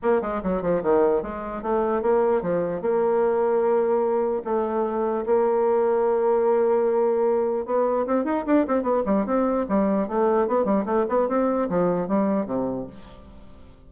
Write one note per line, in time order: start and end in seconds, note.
0.02 0.21 A#3
0.21 0.41 G#3
0.43 0.62 F#3
0.62 0.82 F3
0.82 1.22 D#3
1.22 1.62 G#3
1.62 2.01 A3
2.01 2.42 A#3
2.42 2.81 F3
2.81 4.42 A#3
4.44 5.25 A3
5.26 7.65 A#3
7.65 8.06 B3
8.06 8.24 C4
8.24 8.44 D#4
8.46 8.66 D4
8.67 8.82 C4
8.82 9.02 B3
9.05 9.25 G3
9.25 9.66 C4
9.68 10.07 G3
10.07 10.47 A3
10.47 10.65 B3
10.65 10.85 G3
10.85 11.05 A3
11.08 11.28 B3
11.28 11.68 C4
11.69 12.08 F3
12.08 12.46 G3
12.46 12.86 C3